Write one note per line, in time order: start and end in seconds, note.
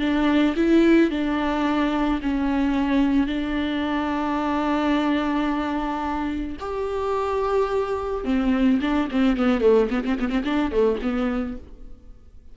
0.00 0.55 D4
0.56 1.11 E4
1.11 2.21 D4
2.22 3.27 C#4
3.27 6.57 D4
6.60 8.25 G4
8.25 8.80 C4
8.81 9.09 D4
9.12 9.37 C4
9.37 9.61 B3
9.61 9.89 A3
9.90 10.04 B3
10.05 10.19 C4
10.20 10.30 B3
10.30 10.43 C4
10.45 10.72 D4
10.72 10.99 A3
11.02 11.57 B3